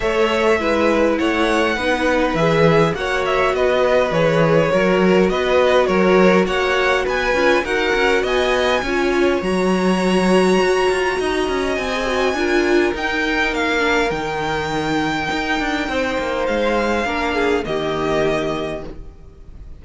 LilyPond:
<<
  \new Staff \with { instrumentName = "violin" } { \time 4/4 \tempo 4 = 102 e''2 fis''2 | e''4 fis''8 e''8 dis''4 cis''4~ | cis''4 dis''4 cis''4 fis''4 | gis''4 fis''4 gis''2 |
ais''1 | gis''2 g''4 f''4 | g''1 | f''2 dis''2 | }
  \new Staff \with { instrumentName = "violin" } { \time 4/4 cis''4 b'4 cis''4 b'4~ | b'4 cis''4 b'2 | ais'4 b'4 ais'4 cis''4 | b'4 ais'4 dis''4 cis''4~ |
cis''2. dis''4~ | dis''4 ais'2.~ | ais'2. c''4~ | c''4 ais'8 gis'8 g'2 | }
  \new Staff \with { instrumentName = "viola" } { \time 4/4 a'4 e'2 dis'4 | gis'4 fis'2 gis'4 | fis'1~ | fis'8 f'8 fis'2 f'4 |
fis'1~ | fis'16 gis'16 fis'8 f'4 dis'4. d'8 | dis'1~ | dis'4 d'4 ais2 | }
  \new Staff \with { instrumentName = "cello" } { \time 4/4 a4 gis4 a4 b4 | e4 ais4 b4 e4 | fis4 b4 fis4 ais4 | b8 cis'8 dis'8 cis'8 b4 cis'4 |
fis2 fis'8 f'8 dis'8 cis'8 | c'4 d'4 dis'4 ais4 | dis2 dis'8 d'8 c'8 ais8 | gis4 ais4 dis2 | }
>>